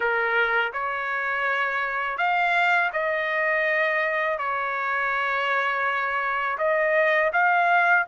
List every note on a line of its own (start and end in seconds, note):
0.00 0.72 A#4
0.73 2.18 C#5
2.18 2.91 F5
2.92 4.38 D#5
4.38 6.57 C#5
6.58 7.31 D#5
7.32 8.06 F5